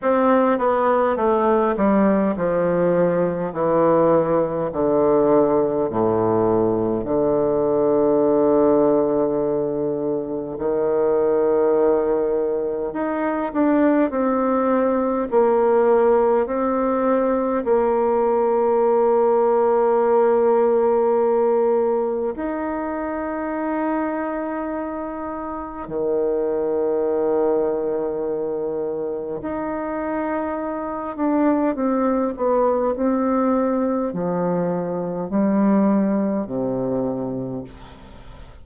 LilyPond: \new Staff \with { instrumentName = "bassoon" } { \time 4/4 \tempo 4 = 51 c'8 b8 a8 g8 f4 e4 | d4 a,4 d2~ | d4 dis2 dis'8 d'8 | c'4 ais4 c'4 ais4~ |
ais2. dis'4~ | dis'2 dis2~ | dis4 dis'4. d'8 c'8 b8 | c'4 f4 g4 c4 | }